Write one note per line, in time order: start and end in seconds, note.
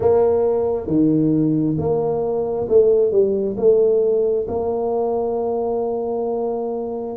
0.00 0.87 A#3
0.87 1.76 D#3
1.77 2.67 A#3
2.69 3.11 A3
3.11 3.56 G3
3.57 4.47 A3
4.48 7.16 A#3